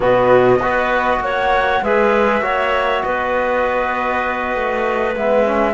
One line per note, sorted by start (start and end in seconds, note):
0.00 0.59 B2
0.00 0.59 B3
0.00 0.60 F#4
0.00 1.23 D#5
0.59 1.19 B3
0.59 1.83 F#4
0.59 1.21 B4
1.19 1.80 A#3
1.19 1.84 C#5
1.19 1.83 F#5
1.82 2.41 G#3
1.82 2.42 G#4
1.82 2.43 B4
1.82 3.03 E5
2.41 3.02 A#3
2.41 5.14 F#4
2.41 3.04 C#5
3.03 4.55 B3
3.03 5.73 B4
3.03 5.15 D#5
4.55 5.15 A3
5.15 5.73 G#3
5.15 5.45 B3
5.15 5.73 E5
5.45 5.73 C#4